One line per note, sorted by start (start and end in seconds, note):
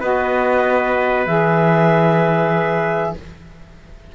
0.00 1.26 B3
0.00 1.26 F#4
0.00 3.12 B4
0.00 1.27 D#5
1.26 3.14 E3
1.26 3.15 G#4
1.26 3.14 E5